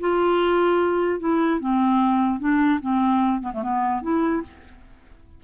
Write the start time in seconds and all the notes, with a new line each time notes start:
0.00 F4
1.20 E4
1.60 C4
2.40 D4
2.81 C4
3.42 B3
3.53 A3
3.63 B3
4.02 E4